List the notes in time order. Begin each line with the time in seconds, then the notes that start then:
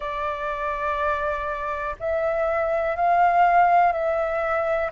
0.00 D5
1.99 E5
2.96 F5
3.92 E5